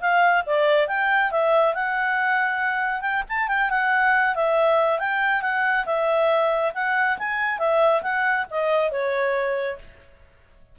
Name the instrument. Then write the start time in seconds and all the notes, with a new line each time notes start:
clarinet
0.00 F5
0.46 D5
0.87 G5
1.31 E5
1.74 F#5
3.01 G5
3.28 A5
3.48 G5
3.70 F#5
4.35 E5
4.99 G5
5.41 F#5
5.85 E5
6.74 F#5
7.18 G#5
7.58 E5
8.02 F#5
8.50 D#5
8.91 C#5